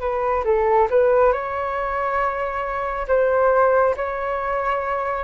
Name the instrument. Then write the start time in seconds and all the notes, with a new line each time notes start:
flute
0.00 B4
0.44 A4
0.90 B4
1.32 C#5
3.08 C5
3.96 C#5